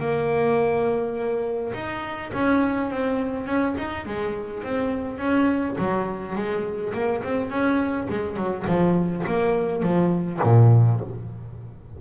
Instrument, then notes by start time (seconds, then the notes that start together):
double bass
0.00 A#3
1.74 D#4
2.34 C#4
2.91 C4
3.47 C#4
3.78 D#4
4.06 G#3
4.64 C4
5.19 C#4
5.79 F#3
6.36 G#3
6.94 A#3
7.24 C4
7.50 C#4
8.10 G#3
8.37 F#3
8.67 F3
9.27 A#3
9.83 F3
10.43 A#2